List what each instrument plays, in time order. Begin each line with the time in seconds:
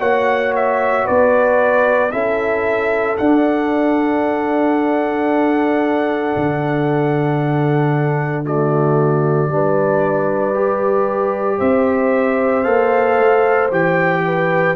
0.00 tuba A#3, trombone F#4, horn C#5, trumpet F#5
0.56 trumpet E5
1.05 tuba B3, horn B4, trumpet D5
2.12 tuba C#4, trombone E4, horn A4, trumpet E5
3.18 trombone D4, tuba D4, trumpet F#5
6.36 tuba D3
8.45 trombone A3, horn F#4, trumpet D5
9.49 tuba G3, trombone D4, horn B4
10.55 trombone G4
11.58 tuba C4, horn C5, trumpet E5
12.64 tuba A#3, trombone A4, trumpet F5
13.19 tuba A3
13.71 tuba E3, trombone G4, trumpet G5
14.26 horn B4